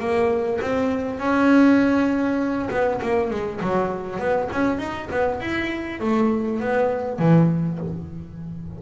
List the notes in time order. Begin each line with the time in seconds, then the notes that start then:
0.00 A#3
0.61 C4
1.19 C#4
2.71 B3
3.02 A#3
3.31 G#3
3.61 F#3
4.19 B3
4.52 C#4
4.79 D#4
5.11 B3
5.41 E4
6.00 A3
6.60 B3
7.19 E3